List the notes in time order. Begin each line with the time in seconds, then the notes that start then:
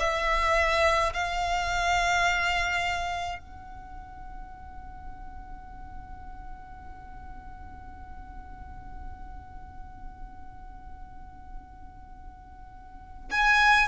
0.00 E5
1.14 F5
3.39 F#5
13.31 G#5